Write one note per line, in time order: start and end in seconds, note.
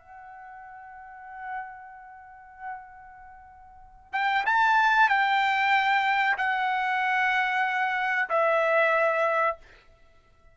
0.00 4.13 F#5
4.13 4.45 G5
4.46 5.09 A5
5.09 6.37 G5
6.38 8.29 F#5
8.30 9.57 E5